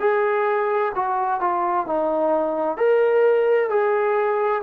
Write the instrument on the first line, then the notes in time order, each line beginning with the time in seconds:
trombone
0.00 G#4
0.95 F#4
1.40 F4
1.86 D#4
2.77 A#4
3.70 G#4